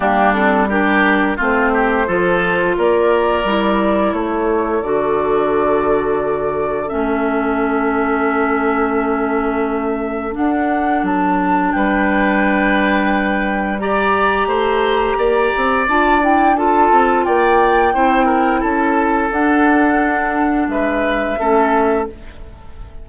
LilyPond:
<<
  \new Staff \with { instrumentName = "flute" } { \time 4/4 \tempo 4 = 87 g'8 a'8 ais'4 c''2 | d''2 cis''4 d''4~ | d''2 e''2~ | e''2. fis''4 |
a''4 g''2. | ais''2. a''8 g''8 | a''4 g''2 a''4 | fis''2 e''2 | }
  \new Staff \with { instrumentName = "oboe" } { \time 4/4 d'4 g'4 f'8 g'8 a'4 | ais'2 a'2~ | a'1~ | a'1~ |
a'4 b'2. | d''4 c''4 d''2 | a'4 d''4 c''8 ais'8 a'4~ | a'2 b'4 a'4 | }
  \new Staff \with { instrumentName = "clarinet" } { \time 4/4 ais8 c'8 d'4 c'4 f'4~ | f'4 e'2 fis'4~ | fis'2 cis'2~ | cis'2. d'4~ |
d'1 | g'2. f'8 e'8 | f'2 e'2 | d'2. cis'4 | }
  \new Staff \with { instrumentName = "bassoon" } { \time 4/4 g2 a4 f4 | ais4 g4 a4 d4~ | d2 a2~ | a2. d'4 |
fis4 g2.~ | g4 a4 ais8 c'8 d'4~ | d'8 c'8 ais4 c'4 cis'4 | d'2 gis4 a4 | }
>>